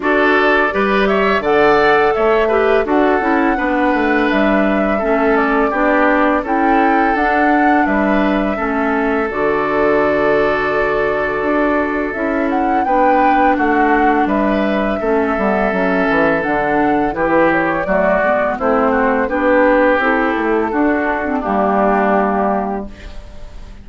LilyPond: <<
  \new Staff \with { instrumentName = "flute" } { \time 4/4 \tempo 4 = 84 d''4. e''8 fis''4 e''4 | fis''2 e''4. d''8~ | d''4 g''4 fis''4 e''4~ | e''4 d''2.~ |
d''4 e''8 fis''8 g''4 fis''4 | e''2. fis''4 | b'8 cis''8 d''4 c''4 b'4 | a'2 g'2 | }
  \new Staff \with { instrumentName = "oboe" } { \time 4/4 a'4 b'8 cis''8 d''4 cis''8 b'8 | a'4 b'2 a'4 | g'4 a'2 b'4 | a'1~ |
a'2 b'4 fis'4 | b'4 a'2. | g'4 fis'4 e'8 fis'8 g'4~ | g'4 fis'4 d'2 | }
  \new Staff \with { instrumentName = "clarinet" } { \time 4/4 fis'4 g'4 a'4. g'8 | fis'8 e'8 d'2 cis'4 | d'4 e'4 d'2 | cis'4 fis'2.~ |
fis'4 e'4 d'2~ | d'4 cis'8 b8 cis'4 d'4 | e'4 a8 b8 c'4 d'4 | e'4 d'8. c'16 ais2 | }
  \new Staff \with { instrumentName = "bassoon" } { \time 4/4 d'4 g4 d4 a4 | d'8 cis'8 b8 a8 g4 a4 | b4 cis'4 d'4 g4 | a4 d2. |
d'4 cis'4 b4 a4 | g4 a8 g8 fis8 e8 d4 | e4 fis8 gis8 a4 b4 | c'8 a8 d'4 g2 | }
>>